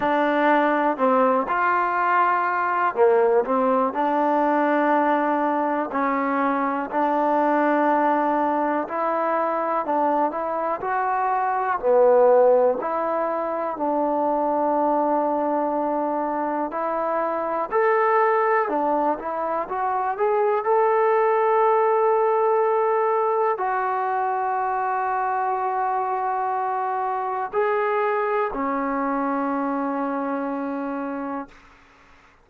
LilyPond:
\new Staff \with { instrumentName = "trombone" } { \time 4/4 \tempo 4 = 61 d'4 c'8 f'4. ais8 c'8 | d'2 cis'4 d'4~ | d'4 e'4 d'8 e'8 fis'4 | b4 e'4 d'2~ |
d'4 e'4 a'4 d'8 e'8 | fis'8 gis'8 a'2. | fis'1 | gis'4 cis'2. | }